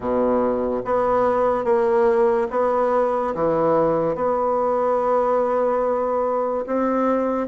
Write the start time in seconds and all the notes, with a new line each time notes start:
0.00 B2
0.84 B3
1.64 A#3
2.50 B3
3.34 E3
4.15 B3
6.66 C4